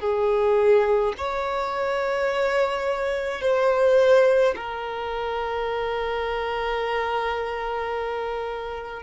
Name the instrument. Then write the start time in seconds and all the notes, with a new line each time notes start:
violin
0.00 G#4
1.17 C#5
3.41 C5
4.56 A#4